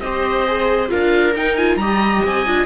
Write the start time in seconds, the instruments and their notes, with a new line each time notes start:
0.00 cello C4, viola G4 C5, oboe D#5
0.47 viola G#4
0.89 cello D4, viola F4 A#4, oboe F5
1.35 cello D#4, viola D#4, oboe G5
1.56 viola F4, oboe G#5
1.76 cello G3, viola G4 D#5, oboe A#5
2.26 cello C4, oboe G#5
2.46 cello D4, viola F4